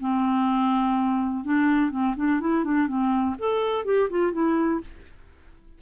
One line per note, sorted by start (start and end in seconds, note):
0.00 1.44 C4
1.44 1.91 D4
1.91 2.15 C4
2.16 2.40 D4
2.40 2.64 E4
2.64 2.87 D4
2.87 3.35 C4
3.38 3.85 A4
3.85 4.09 G4
4.10 4.32 F4
4.32 4.81 E4